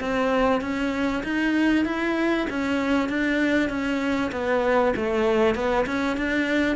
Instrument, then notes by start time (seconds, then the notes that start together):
cello
0.00 C4
0.61 C#4
1.23 D#4
1.85 E4
2.50 C#4
3.08 D4
3.69 C#4
4.32 B3
4.96 A3
5.54 B3
5.86 C#4
6.17 D4